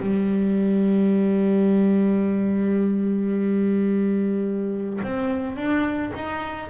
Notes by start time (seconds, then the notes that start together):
0.00 G3
5.03 C4
5.56 D4
6.14 D#4